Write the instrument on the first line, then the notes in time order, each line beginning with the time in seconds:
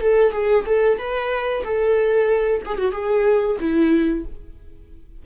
viola
0.00 A4
0.32 G#4
0.66 A4
0.98 B4
1.64 A4
2.65 G#4
2.77 F#4
2.92 G#4
3.60 E4